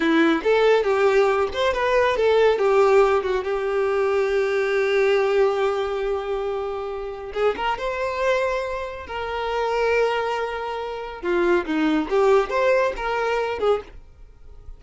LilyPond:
\new Staff \with { instrumentName = "violin" } { \time 4/4 \tempo 4 = 139 e'4 a'4 g'4. c''8 | b'4 a'4 g'4. fis'8 | g'1~ | g'1~ |
g'4 gis'8 ais'8 c''2~ | c''4 ais'2.~ | ais'2 f'4 dis'4 | g'4 c''4 ais'4. gis'8 | }